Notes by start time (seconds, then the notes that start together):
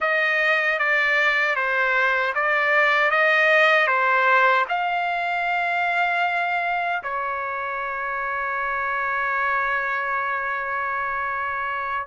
0.00 D#5
0.78 D5
1.55 C5
2.34 D5
3.11 D#5
3.87 C5
4.69 F5
7.03 C#5